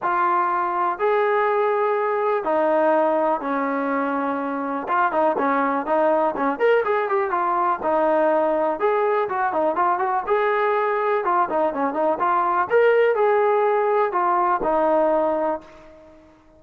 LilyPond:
\new Staff \with { instrumentName = "trombone" } { \time 4/4 \tempo 4 = 123 f'2 gis'2~ | gis'4 dis'2 cis'4~ | cis'2 f'8 dis'8 cis'4 | dis'4 cis'8 ais'8 gis'8 g'8 f'4 |
dis'2 gis'4 fis'8 dis'8 | f'8 fis'8 gis'2 f'8 dis'8 | cis'8 dis'8 f'4 ais'4 gis'4~ | gis'4 f'4 dis'2 | }